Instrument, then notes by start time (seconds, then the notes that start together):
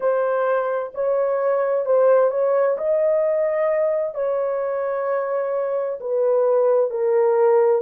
horn
0.00 C5
0.94 C#5
1.85 C5
2.30 C#5
2.77 D#5
4.14 C#5
6.00 B4
6.90 A#4